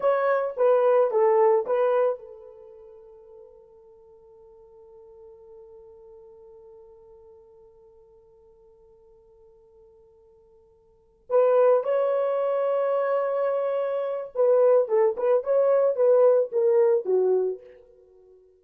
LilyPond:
\new Staff \with { instrumentName = "horn" } { \time 4/4 \tempo 4 = 109 cis''4 b'4 a'4 b'4 | a'1~ | a'1~ | a'1~ |
a'1~ | a'8 b'4 cis''2~ cis''8~ | cis''2 b'4 a'8 b'8 | cis''4 b'4 ais'4 fis'4 | }